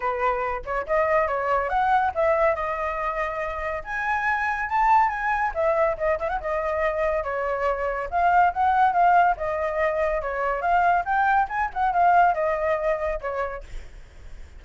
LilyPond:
\new Staff \with { instrumentName = "flute" } { \time 4/4 \tempo 4 = 141 b'4. cis''8 dis''4 cis''4 | fis''4 e''4 dis''2~ | dis''4 gis''2 a''4 | gis''4 e''4 dis''8 e''16 fis''16 dis''4~ |
dis''4 cis''2 f''4 | fis''4 f''4 dis''2 | cis''4 f''4 g''4 gis''8 fis''8 | f''4 dis''2 cis''4 | }